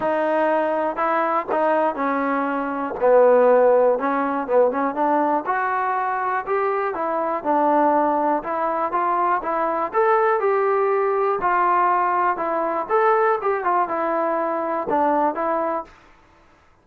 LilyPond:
\new Staff \with { instrumentName = "trombone" } { \time 4/4 \tempo 4 = 121 dis'2 e'4 dis'4 | cis'2 b2 | cis'4 b8 cis'8 d'4 fis'4~ | fis'4 g'4 e'4 d'4~ |
d'4 e'4 f'4 e'4 | a'4 g'2 f'4~ | f'4 e'4 a'4 g'8 f'8 | e'2 d'4 e'4 | }